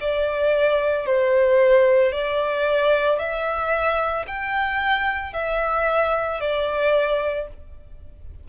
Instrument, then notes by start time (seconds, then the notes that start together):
violin
0.00 D5
1.06 C5
2.11 D5
3.18 E5
4.27 G5
5.33 E5
6.40 D5